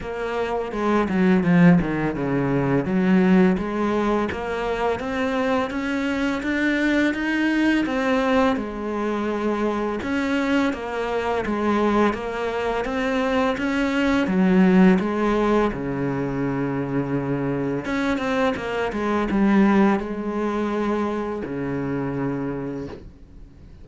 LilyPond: \new Staff \with { instrumentName = "cello" } { \time 4/4 \tempo 4 = 84 ais4 gis8 fis8 f8 dis8 cis4 | fis4 gis4 ais4 c'4 | cis'4 d'4 dis'4 c'4 | gis2 cis'4 ais4 |
gis4 ais4 c'4 cis'4 | fis4 gis4 cis2~ | cis4 cis'8 c'8 ais8 gis8 g4 | gis2 cis2 | }